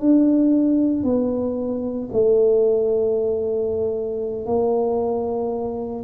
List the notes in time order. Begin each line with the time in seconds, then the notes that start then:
0.00 D4
1.04 B3
2.12 A3
4.46 A#3